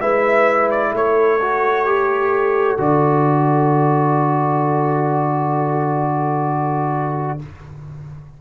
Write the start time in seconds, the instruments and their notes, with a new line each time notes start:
0.00 tuba G#3, trombone E4, horn B4, trumpet E5
0.70 trumpet D5
0.91 tuba A3, horn A4, trumpet C#5
1.41 trombone F#4
1.85 trombone G4
2.77 tuba D3, trombone F#4, trumpet D5